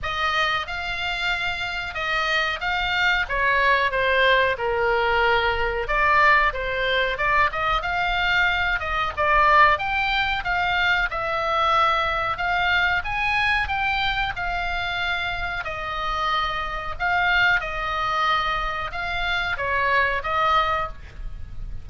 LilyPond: \new Staff \with { instrumentName = "oboe" } { \time 4/4 \tempo 4 = 92 dis''4 f''2 dis''4 | f''4 cis''4 c''4 ais'4~ | ais'4 d''4 c''4 d''8 dis''8 | f''4. dis''8 d''4 g''4 |
f''4 e''2 f''4 | gis''4 g''4 f''2 | dis''2 f''4 dis''4~ | dis''4 f''4 cis''4 dis''4 | }